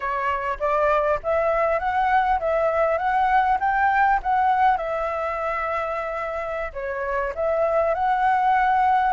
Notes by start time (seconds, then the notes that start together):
0.00 C#5
0.59 D5
1.23 E5
1.79 F#5
2.39 E5
2.98 F#5
3.60 G5
4.22 F#5
4.77 E5
6.73 C#5
7.34 E5
7.94 F#5